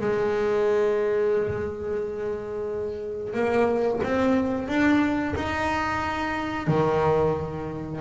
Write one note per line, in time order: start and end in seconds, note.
0.00 3.33 G#3
3.34 4.00 A#3
4.03 4.68 C4
4.68 5.35 D4
5.35 6.67 D#4
6.67 8.00 D#3